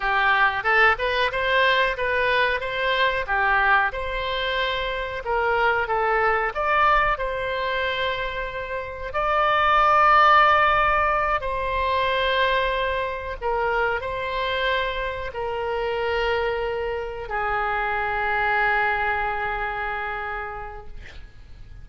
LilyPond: \new Staff \with { instrumentName = "oboe" } { \time 4/4 \tempo 4 = 92 g'4 a'8 b'8 c''4 b'4 | c''4 g'4 c''2 | ais'4 a'4 d''4 c''4~ | c''2 d''2~ |
d''4. c''2~ c''8~ | c''8 ais'4 c''2 ais'8~ | ais'2~ ais'8 gis'4.~ | gis'1 | }